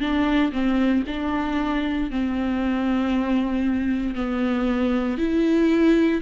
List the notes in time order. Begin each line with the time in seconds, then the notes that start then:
0.00 D4
0.52 C4
1.07 D4
2.10 C4
4.15 B3
5.18 E4